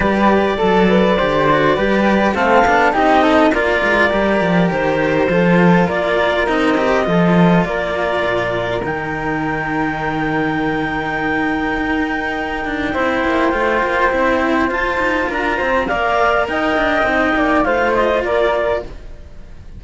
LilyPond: <<
  \new Staff \with { instrumentName = "clarinet" } { \time 4/4 \tempo 4 = 102 d''1 | f''4 dis''4 d''2 | c''2 d''4 dis''4~ | dis''4 d''2 g''4~ |
g''1~ | g''1~ | g''4 a''4 ais''4 f''4 | g''2 f''8 dis''8 d''4 | }
  \new Staff \with { instrumentName = "flute" } { \time 4/4 b'4 a'8 b'8 c''4 b'4 | a'4 g'8 a'8 ais'2~ | ais'4 a'4 ais'2 | a'4 ais'2.~ |
ais'1~ | ais'2 c''2~ | c''2 ais'8 c''8 d''4 | dis''4. d''8 c''4 ais'4 | }
  \new Staff \with { instrumentName = "cello" } { \time 4/4 g'4 a'4 g'8 fis'8 g'4 | c'8 d'8 dis'4 f'4 g'4~ | g'4 f'2 dis'8 g'8 | f'2. dis'4~ |
dis'1~ | dis'2 e'4 f'4 | e'4 f'2 ais'4~ | ais'4 dis'4 f'2 | }
  \new Staff \with { instrumentName = "cello" } { \time 4/4 g4 fis4 d4 g4 | a8 b8 c'4 ais8 gis8 g8 f8 | dis4 f4 ais4 c'4 | f4 ais4 ais,4 dis4~ |
dis1 | dis'4. d'8 c'8 ais8 a8 ais8 | c'4 f'8 dis'8 d'8 c'8 ais4 | dis'8 d'8 c'8 ais8 a4 ais4 | }
>>